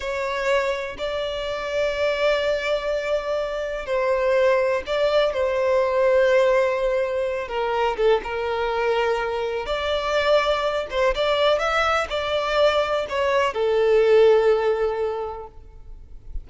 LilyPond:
\new Staff \with { instrumentName = "violin" } { \time 4/4 \tempo 4 = 124 cis''2 d''2~ | d''1 | c''2 d''4 c''4~ | c''2.~ c''8 ais'8~ |
ais'8 a'8 ais'2. | d''2~ d''8 c''8 d''4 | e''4 d''2 cis''4 | a'1 | }